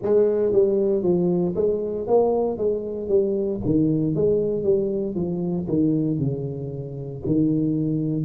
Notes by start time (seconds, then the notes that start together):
0.02 G#3
0.52 G3
1.03 F3
1.55 G#3
2.07 A#3
2.57 G#3
3.08 G3
3.65 D#3
4.15 G#3
4.63 G3
5.15 F3
5.68 D#3
6.18 C#3
7.26 D#3